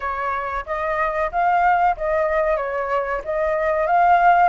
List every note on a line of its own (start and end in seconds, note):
0.00 0.65 C#5
0.66 1.30 D#5
1.31 1.96 F5
1.96 2.57 D#5
2.57 3.21 C#5
3.24 3.86 D#5
3.86 4.49 F5